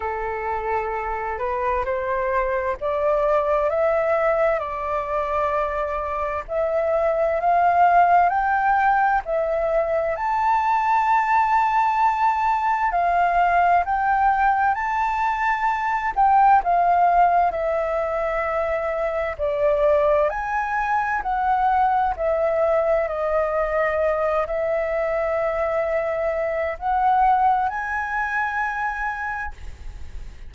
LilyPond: \new Staff \with { instrumentName = "flute" } { \time 4/4 \tempo 4 = 65 a'4. b'8 c''4 d''4 | e''4 d''2 e''4 | f''4 g''4 e''4 a''4~ | a''2 f''4 g''4 |
a''4. g''8 f''4 e''4~ | e''4 d''4 gis''4 fis''4 | e''4 dis''4. e''4.~ | e''4 fis''4 gis''2 | }